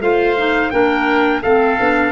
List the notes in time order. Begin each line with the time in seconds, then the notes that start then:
0.00 A3 F4 C5 F5
0.36 D#4
0.70 A#3 D4 A#4 G5
1.42 A3 C4 A4 F5
1.79 B3 D4